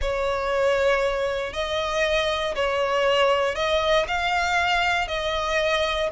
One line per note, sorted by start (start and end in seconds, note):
0.01 1.53 C#5
1.53 2.54 D#5
2.55 3.55 C#5
3.55 4.06 D#5
4.07 5.07 F5
5.07 6.09 D#5